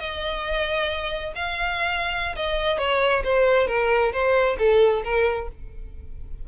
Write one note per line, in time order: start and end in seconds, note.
0.00 1.33 D#5
1.36 2.36 F5
2.36 2.79 D#5
2.79 3.23 C#5
3.24 3.68 C5
3.68 4.13 A#4
4.13 4.58 C5
4.59 5.03 A4
5.04 5.49 A#4